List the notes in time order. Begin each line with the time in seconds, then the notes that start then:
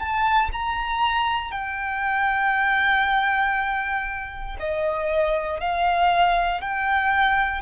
0.00 A5
0.53 A#5
1.52 G5
4.60 D#5
5.61 F5
6.61 G5